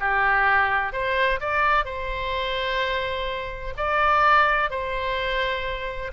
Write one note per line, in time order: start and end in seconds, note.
0.00 0.93 G4
0.93 1.40 C5
1.41 1.85 D5
1.85 3.74 C5
3.78 4.71 D5
4.71 6.12 C5